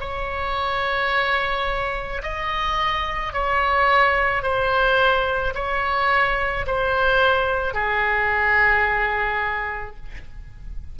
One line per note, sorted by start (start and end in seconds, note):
0.00 2.22 C#5
2.23 3.33 D#5
3.33 4.43 C#5
4.43 5.54 C5
5.55 6.66 C#5
6.67 7.74 C5
7.74 9.96 G#4